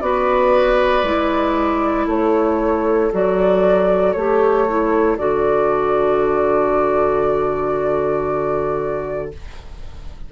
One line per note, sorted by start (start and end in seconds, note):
0.00 1.03 B3
0.00 1.04 F#4
0.00 2.06 B4
0.00 2.07 D5
1.03 2.06 G#3
1.03 3.11 E4
2.06 3.10 A3
2.06 9.30 A4
2.06 3.12 C#5
3.12 4.16 F#3
3.12 4.16 F#4
3.12 4.12 D5
4.12 5.19 A3
4.12 4.68 G4
4.12 5.16 C#5
4.68 5.18 E4
5.17 9.32 D3
5.17 9.32 F#4
5.17 9.31 D5